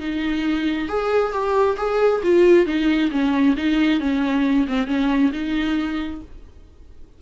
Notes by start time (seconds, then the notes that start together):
0.00 D#4
0.88 G#4
1.33 G4
1.77 G#4
2.24 F4
2.66 D#4
3.12 C#4
3.57 D#4
4.00 C#4
4.68 C4
4.87 C#4
5.33 D#4